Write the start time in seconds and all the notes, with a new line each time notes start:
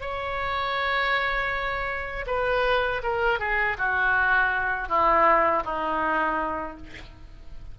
0.00 C#5
2.26 B4
3.03 A#4
3.39 G#4
3.77 F#4
4.88 E4
5.64 D#4